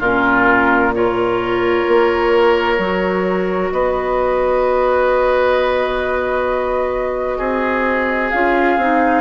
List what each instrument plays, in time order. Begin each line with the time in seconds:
0.00 bassoon A#2, clarinet C#4, oboe F4, flute A#4
0.95 clarinet F4, oboe A#4, flute C#5
1.88 bassoon A#3
2.79 bassoon F#3, clarinet F#4
3.72 bassoon B3, oboe B4, flute D#5
7.38 bassoon C4, oboe G#4
8.30 bassoon C#4, clarinet F4, flute F5
8.78 bassoon C4, clarinet D#4